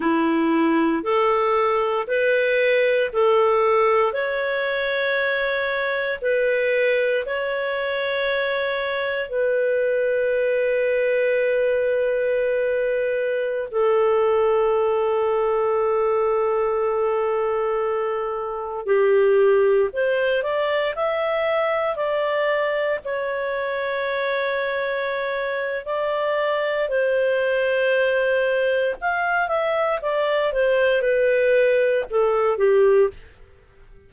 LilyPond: \new Staff \with { instrumentName = "clarinet" } { \time 4/4 \tempo 4 = 58 e'4 a'4 b'4 a'4 | cis''2 b'4 cis''4~ | cis''4 b'2.~ | b'4~ b'16 a'2~ a'8.~ |
a'2~ a'16 g'4 c''8 d''16~ | d''16 e''4 d''4 cis''4.~ cis''16~ | cis''4 d''4 c''2 | f''8 e''8 d''8 c''8 b'4 a'8 g'8 | }